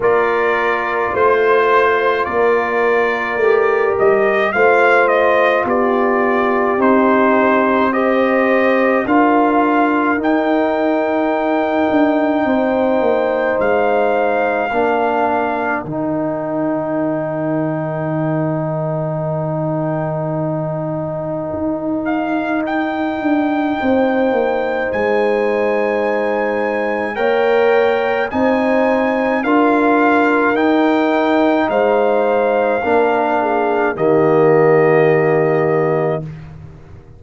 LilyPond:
<<
  \new Staff \with { instrumentName = "trumpet" } { \time 4/4 \tempo 4 = 53 d''4 c''4 d''4. dis''8 | f''8 dis''8 d''4 c''4 dis''4 | f''4 g''2. | f''2 g''2~ |
g''2.~ g''8 f''8 | g''2 gis''2 | g''4 gis''4 f''4 g''4 | f''2 dis''2 | }
  \new Staff \with { instrumentName = "horn" } { \time 4/4 ais'4 c''4 ais'2 | c''4 g'2 c''4 | ais'2. c''4~ | c''4 ais'2.~ |
ais'1~ | ais'4 c''2. | cis''4 c''4 ais'2 | c''4 ais'8 gis'8 g'2 | }
  \new Staff \with { instrumentName = "trombone" } { \time 4/4 f'2. g'4 | f'2 dis'4 g'4 | f'4 dis'2.~ | dis'4 d'4 dis'2~ |
dis'1~ | dis'1 | ais'4 dis'4 f'4 dis'4~ | dis'4 d'4 ais2 | }
  \new Staff \with { instrumentName = "tuba" } { \time 4/4 ais4 a4 ais4 a8 g8 | a4 b4 c'2 | d'4 dis'4. d'8 c'8 ais8 | gis4 ais4 dis2~ |
dis2. dis'4~ | dis'8 d'8 c'8 ais8 gis2 | ais4 c'4 d'4 dis'4 | gis4 ais4 dis2 | }
>>